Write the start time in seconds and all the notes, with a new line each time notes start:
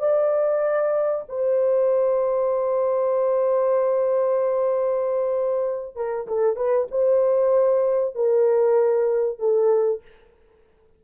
0.00 D5
1.29 C5
5.96 A#4
6.28 A4
6.57 B4
6.91 C5
8.15 A#4
9.39 A4